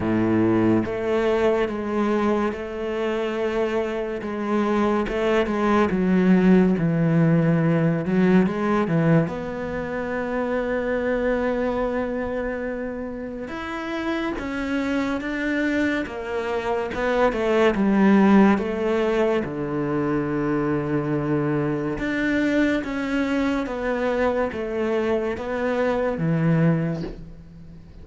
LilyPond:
\new Staff \with { instrumentName = "cello" } { \time 4/4 \tempo 4 = 71 a,4 a4 gis4 a4~ | a4 gis4 a8 gis8 fis4 | e4. fis8 gis8 e8 b4~ | b1 |
e'4 cis'4 d'4 ais4 | b8 a8 g4 a4 d4~ | d2 d'4 cis'4 | b4 a4 b4 e4 | }